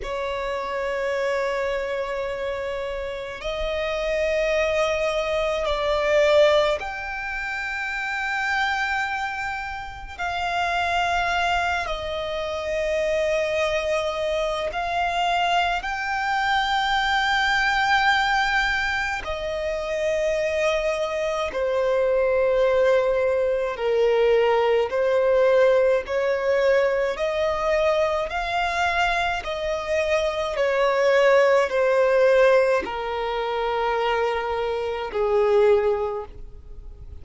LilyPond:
\new Staff \with { instrumentName = "violin" } { \time 4/4 \tempo 4 = 53 cis''2. dis''4~ | dis''4 d''4 g''2~ | g''4 f''4. dis''4.~ | dis''4 f''4 g''2~ |
g''4 dis''2 c''4~ | c''4 ais'4 c''4 cis''4 | dis''4 f''4 dis''4 cis''4 | c''4 ais'2 gis'4 | }